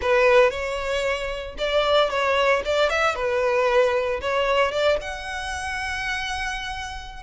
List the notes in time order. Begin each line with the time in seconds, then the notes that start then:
0.01 B4
0.50 C#5
1.58 D5
2.10 C#5
2.65 D5
2.89 E5
3.15 B4
4.21 C#5
4.71 D5
5.01 F#5